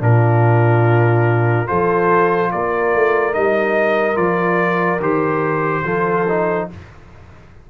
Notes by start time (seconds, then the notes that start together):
0.00 A#2 D4 F4 A#4
1.67 F3 F4 A4 C5
2.51 A#3 A#4 D5
2.95 A3
3.33 G3 D#4 D#5
4.15 F3 F4 D5
5.00 D#3 G4 C5
5.84 F3 F4 A4
6.29 D#4